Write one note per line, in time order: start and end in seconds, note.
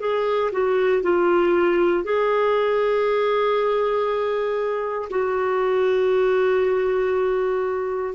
0.00 0.51 G#4
0.52 1.03 F#4
1.03 2.04 F4
2.04 5.09 G#4
5.10 8.14 F#4